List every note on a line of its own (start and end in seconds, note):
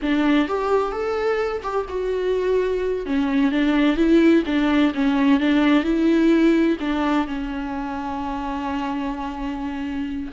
0.02 0.48 D4
0.48 0.91 G4
0.91 1.62 A4
1.62 1.86 G4
1.88 3.06 F#4
3.06 3.51 C#4
3.51 3.96 D4
3.96 4.43 E4
4.45 4.92 D4
4.94 5.40 C#4
5.40 5.83 D4
5.83 6.77 E4
6.80 7.27 D4
7.27 10.31 C#4